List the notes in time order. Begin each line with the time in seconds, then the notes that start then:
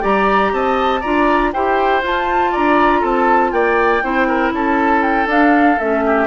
0.00 G3 G4 D5 A#5
0.52 C4 D#5 A5
1.00 D4 F4 D5 A#5
1.52 E4 G4 C5 G5
2.01 F4 A5
2.51 D4 D5 A#5
3.00 C4 A4 A5
3.51 A#3 D5 G5
4.03 C4 E4 C5
4.27 A#4
4.52 C#4 A4 A5
5.02 G5
5.26 D4 F5
5.78 A3 C#4 E5
6.05 G4